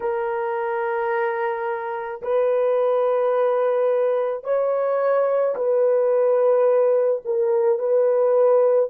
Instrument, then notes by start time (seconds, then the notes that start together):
horn
0.00 A#4
2.22 B4
4.44 C#5
5.55 B4
7.24 A#4
7.78 B4